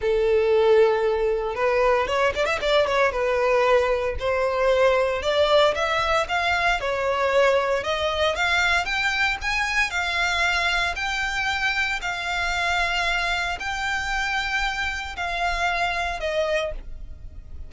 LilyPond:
\new Staff \with { instrumentName = "violin" } { \time 4/4 \tempo 4 = 115 a'2. b'4 | cis''8 d''16 e''16 d''8 cis''8 b'2 | c''2 d''4 e''4 | f''4 cis''2 dis''4 |
f''4 g''4 gis''4 f''4~ | f''4 g''2 f''4~ | f''2 g''2~ | g''4 f''2 dis''4 | }